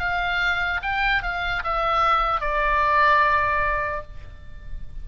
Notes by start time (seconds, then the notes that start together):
0.00 F5
0.83 G5
1.23 F5
1.64 E5
2.41 D5